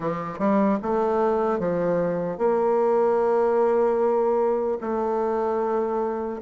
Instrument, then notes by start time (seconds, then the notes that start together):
bassoon
0.00 F3
0.38 G3
0.82 A3
1.59 F3
2.37 A#3
4.80 A3